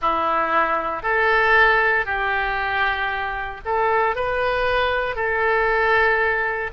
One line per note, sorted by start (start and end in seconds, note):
0.01 1.03 E4
1.03 2.05 A4
2.05 3.61 G4
3.65 4.15 A4
4.15 5.15 B4
5.15 6.70 A4